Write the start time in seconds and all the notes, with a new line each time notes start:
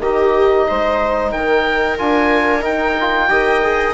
0.00 D#3 D#4 G4 D#5
0.68 G#3 C5
1.32 D#3 A#4 G5
1.98 D4 F4 G#5
2.61 D#4 G5
3.01 F4
3.29 D#3 G4 D#5
3.63 G#4